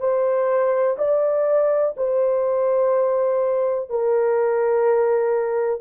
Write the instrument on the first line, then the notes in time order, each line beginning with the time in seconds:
horn
0.00 C5
0.98 D5
1.97 C5
3.90 A#4